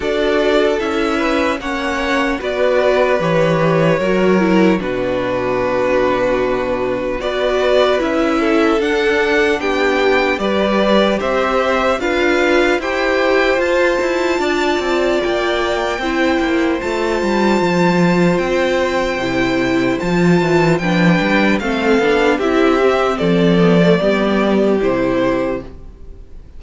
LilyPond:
<<
  \new Staff \with { instrumentName = "violin" } { \time 4/4 \tempo 4 = 75 d''4 e''4 fis''4 d''4 | cis''2 b'2~ | b'4 d''4 e''4 fis''4 | g''4 d''4 e''4 f''4 |
g''4 a''2 g''4~ | g''4 a''2 g''4~ | g''4 a''4 g''4 f''4 | e''4 d''2 c''4 | }
  \new Staff \with { instrumentName = "violin" } { \time 4/4 a'4. b'8 cis''4 b'4~ | b'4 ais'4 fis'2~ | fis'4 b'4. a'4. | g'4 b'4 c''4 b'4 |
c''2 d''2 | c''1~ | c''2 b'4 a'4 | g'4 a'4 g'2 | }
  \new Staff \with { instrumentName = "viola" } { \time 4/4 fis'4 e'4 cis'4 fis'4 | g'4 fis'8 e'8 d'2~ | d'4 fis'4 e'4 d'4~ | d'4 g'2 f'4 |
g'4 f'2. | e'4 f'2. | e'4 f'4 d'4 c'8 d'8 | e'8 c'4 b16 a16 b4 e'4 | }
  \new Staff \with { instrumentName = "cello" } { \time 4/4 d'4 cis'4 ais4 b4 | e4 fis4 b,2~ | b,4 b4 cis'4 d'4 | b4 g4 c'4 d'4 |
e'4 f'8 e'8 d'8 c'8 ais4 | c'8 ais8 a8 g8 f4 c'4 | c4 f8 e8 f8 g8 a8 b8 | c'4 f4 g4 c4 | }
>>